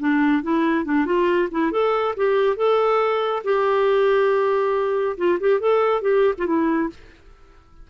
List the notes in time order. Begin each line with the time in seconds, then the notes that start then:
0.00 D4
0.43 E4
0.85 D4
1.06 F4
1.52 E4
1.72 A4
2.17 G4
2.57 A4
3.44 G4
5.18 F4
5.41 G4
5.60 A4
6.02 G4
6.38 F4
6.47 E4